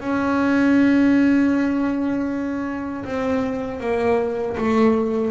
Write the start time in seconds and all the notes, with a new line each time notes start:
0.00 C#4
3.04 C4
3.80 A#3
4.57 A3